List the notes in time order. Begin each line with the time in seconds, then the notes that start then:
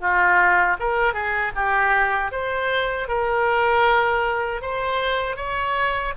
0.00 F4
0.79 A#4
1.14 G#4
1.55 G4
2.31 C5
3.08 A#4
4.62 C5
5.36 C#5